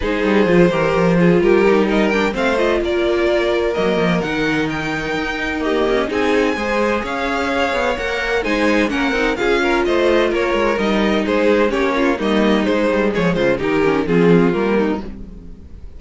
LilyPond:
<<
  \new Staff \with { instrumentName = "violin" } { \time 4/4 \tempo 4 = 128 c''2. ais'4 | dis''8 g''8 f''8 dis''8 d''2 | dis''4 fis''4 g''2 | dis''4 gis''2 f''4~ |
f''4 fis''4 gis''4 fis''4 | f''4 dis''4 cis''4 dis''4 | c''4 cis''4 dis''4 c''4 | cis''8 c''8 ais'4 gis'4 ais'4 | }
  \new Staff \with { instrumentName = "violin" } { \time 4/4 gis'4. ais'4 gis'8 g'4 | ais'4 c''4 ais'2~ | ais'1 | g'4 gis'4 c''4 cis''4~ |
cis''2 c''4 ais'4 | gis'8 ais'8 c''4 ais'2 | gis'4 g'8 f'8 dis'2 | gis'8 f'8 g'4 f'4. dis'8 | }
  \new Staff \with { instrumentName = "viola" } { \time 4/4 dis'4 f'8 g'4 f'4 dis'8~ | dis'8 d'8 c'8 f'2~ f'8 | ais4 dis'2. | ais4 dis'4 gis'2~ |
gis'4 ais'4 dis'4 cis'8 dis'8 | f'2. dis'4~ | dis'4 cis'4 ais4 gis4~ | gis4 dis'8 cis'8 c'4 ais4 | }
  \new Staff \with { instrumentName = "cello" } { \time 4/4 gis8 g8 f8 e8 f4 g4~ | g4 a4 ais2 | fis8 f8 dis2 dis'4~ | dis'8 cis'8 c'4 gis4 cis'4~ |
cis'8 b8 ais4 gis4 ais8 c'8 | cis'4 a4 ais8 gis8 g4 | gis4 ais4 g4 gis8 g8 | f8 cis8 dis4 f4 g4 | }
>>